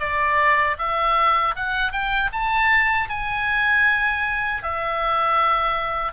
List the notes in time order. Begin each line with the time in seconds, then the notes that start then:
0.00 D5
0.79 E5
1.56 F#5
1.92 G5
2.33 A5
3.09 G#5
4.63 E5